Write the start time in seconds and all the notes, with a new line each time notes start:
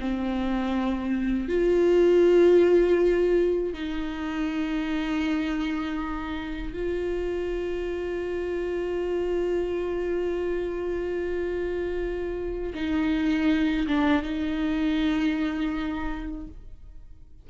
0.00 C4
1.49 F4
3.74 D#4
6.73 F4
12.75 D#4
13.88 D4
14.23 D#4